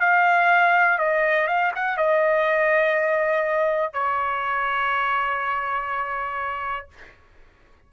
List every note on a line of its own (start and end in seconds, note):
0.00 0.98 F5
0.98 1.47 D#5
1.47 1.72 F5
1.75 1.97 F#5
1.97 3.93 D#5
3.93 6.88 C#5